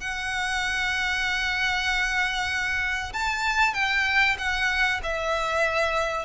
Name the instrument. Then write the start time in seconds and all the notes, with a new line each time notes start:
violin
0.00 F#5
3.13 A5
3.74 G5
4.38 F#5
5.03 E5